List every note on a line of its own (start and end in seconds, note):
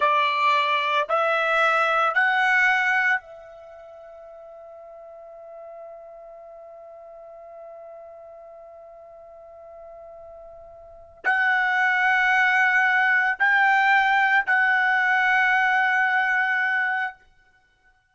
0.00 1.07 D5
1.09 2.14 E5
2.14 3.20 F#5
3.20 11.24 E5
11.24 13.38 F#5
13.39 14.46 G5
14.46 17.14 F#5